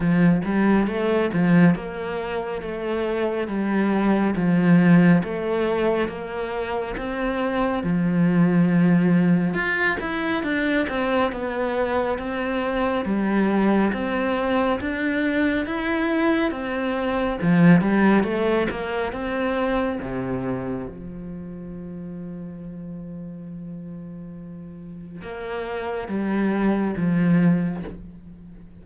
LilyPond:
\new Staff \with { instrumentName = "cello" } { \time 4/4 \tempo 4 = 69 f8 g8 a8 f8 ais4 a4 | g4 f4 a4 ais4 | c'4 f2 f'8 e'8 | d'8 c'8 b4 c'4 g4 |
c'4 d'4 e'4 c'4 | f8 g8 a8 ais8 c'4 c4 | f1~ | f4 ais4 g4 f4 | }